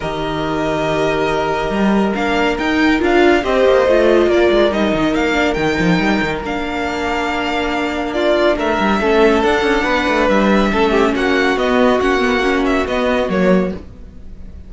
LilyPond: <<
  \new Staff \with { instrumentName = "violin" } { \time 4/4 \tempo 4 = 140 dis''1~ | dis''4 f''4 g''4 f''4 | dis''2 d''4 dis''4 | f''4 g''2 f''4~ |
f''2. d''4 | e''2 fis''2 | e''2 fis''4 dis''4 | fis''4. e''8 dis''4 cis''4 | }
  \new Staff \with { instrumentName = "violin" } { \time 4/4 ais'1~ | ais'1 | c''2 ais'2~ | ais'1~ |
ais'2. f'4 | ais'4 a'2 b'4~ | b'4 a'8 g'8 fis'2~ | fis'1 | }
  \new Staff \with { instrumentName = "viola" } { \time 4/4 g'1~ | g'4 d'4 dis'4 f'4 | g'4 f'2 dis'4~ | dis'8 d'8 dis'2 d'4~ |
d'1~ | d'4 cis'4 d'2~ | d'4 cis'2 b4 | cis'8 b8 cis'4 b4 ais4 | }
  \new Staff \with { instrumentName = "cello" } { \time 4/4 dis1 | g4 ais4 dis'4 d'4 | c'8 ais8 a4 ais8 gis8 g8 dis8 | ais4 dis8 f8 g8 dis8 ais4~ |
ais1 | a8 g8 a4 d'8 cis'8 b8 a8 | g4 a4 ais4 b4 | ais2 b4 fis4 | }
>>